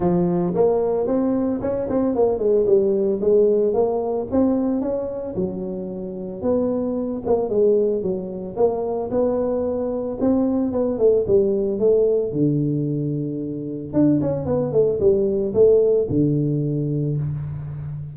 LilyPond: \new Staff \with { instrumentName = "tuba" } { \time 4/4 \tempo 4 = 112 f4 ais4 c'4 cis'8 c'8 | ais8 gis8 g4 gis4 ais4 | c'4 cis'4 fis2 | b4. ais8 gis4 fis4 |
ais4 b2 c'4 | b8 a8 g4 a4 d4~ | d2 d'8 cis'8 b8 a8 | g4 a4 d2 | }